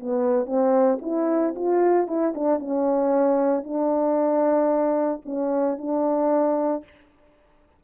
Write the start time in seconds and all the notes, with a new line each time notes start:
0.00 B3
0.46 C4
1.02 E4
1.55 F4
2.07 E4
2.35 D4
2.59 C#4
3.64 D4
5.25 C#4
5.78 D4